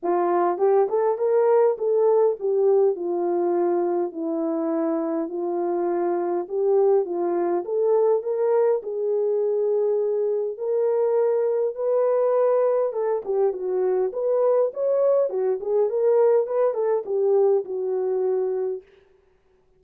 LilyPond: \new Staff \with { instrumentName = "horn" } { \time 4/4 \tempo 4 = 102 f'4 g'8 a'8 ais'4 a'4 | g'4 f'2 e'4~ | e'4 f'2 g'4 | f'4 a'4 ais'4 gis'4~ |
gis'2 ais'2 | b'2 a'8 g'8 fis'4 | b'4 cis''4 fis'8 gis'8 ais'4 | b'8 a'8 g'4 fis'2 | }